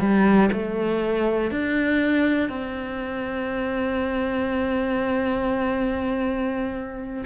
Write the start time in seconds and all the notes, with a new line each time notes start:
0.00 G3
0.52 A3
1.51 D4
2.49 C4